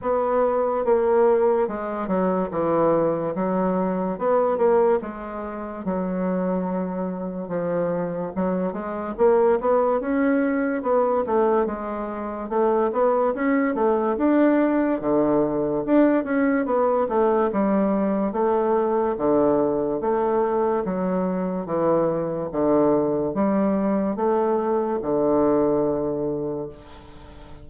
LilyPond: \new Staff \with { instrumentName = "bassoon" } { \time 4/4 \tempo 4 = 72 b4 ais4 gis8 fis8 e4 | fis4 b8 ais8 gis4 fis4~ | fis4 f4 fis8 gis8 ais8 b8 | cis'4 b8 a8 gis4 a8 b8 |
cis'8 a8 d'4 d4 d'8 cis'8 | b8 a8 g4 a4 d4 | a4 fis4 e4 d4 | g4 a4 d2 | }